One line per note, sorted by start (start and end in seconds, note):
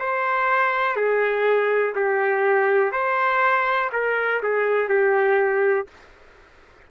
0.00 0.97 C5
0.97 1.95 G#4
1.95 2.92 G4
2.92 3.91 C5
3.93 4.42 A#4
4.43 4.89 G#4
4.89 5.87 G4